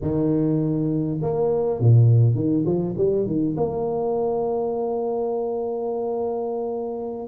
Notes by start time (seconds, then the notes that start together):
0.01 D#3
1.21 A#3
1.79 A#2
2.34 D#3
2.65 F3
2.97 G3
3.26 D#3
3.56 A#3